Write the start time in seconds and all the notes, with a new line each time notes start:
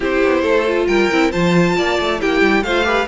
0.00 C4 E4 G4 C5
0.24 B3
0.42 A3 A4
0.67 F4
0.87 G3 A#4 G5
1.11 C4 E4
1.31 F3 F4 C5 A5
1.76 A#3 D5
1.99 A3
2.19 A#3 E4 G4 G5
2.40 G3
2.62 A3 F4 C5 F5
2.84 G4 B4